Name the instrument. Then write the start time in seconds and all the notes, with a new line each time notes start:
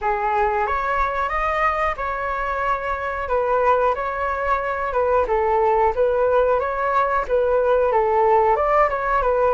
flute
0.01 G#4
0.66 C#5
1.29 D#5
1.96 C#5
3.28 B4
3.94 C#5
4.92 B4
5.27 A4
5.95 B4
6.59 C#5
7.28 B4
7.92 A4
8.56 D5
8.89 C#5
9.21 B4